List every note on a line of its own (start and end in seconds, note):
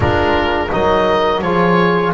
0.00 0.70 G#3
0.00 0.68 D4
0.00 0.69 F4
0.00 0.72 A#4
0.71 1.41 F#3
0.71 1.42 D#4
0.71 1.43 A#4
0.71 1.41 D#5
1.41 2.12 F3
1.41 2.13 F4
1.41 2.13 G#4
1.41 2.13 C#5